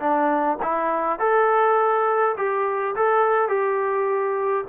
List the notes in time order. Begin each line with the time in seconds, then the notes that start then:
0.00 D4
0.62 E4
1.19 A4
2.37 G4
2.96 A4
3.49 G4